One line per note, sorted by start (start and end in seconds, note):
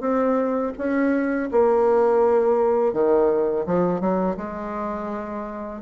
0.00 0.72 C4
0.77 1.50 C#4
1.51 2.93 A#3
2.93 3.65 D#3
3.66 4.00 F3
4.00 4.36 F#3
4.37 5.81 G#3